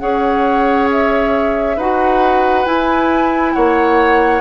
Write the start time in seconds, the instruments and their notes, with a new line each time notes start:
0.00 bassoon C#4, clarinet G#4, oboe C#5, flute F#5
0.91 flute E5
1.77 bassoon D#4, clarinet F#4, oboe B4, flute F#5
2.66 clarinet E4, bassoon E4, flute G#5
3.53 bassoon A#3, oboe C#5, flute F#5